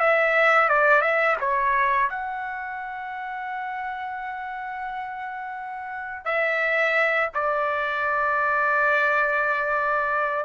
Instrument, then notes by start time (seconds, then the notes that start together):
trumpet
0.00 E5
0.69 D5
1.01 E5
1.40 C#5
2.10 F#5
6.25 E5
7.34 D5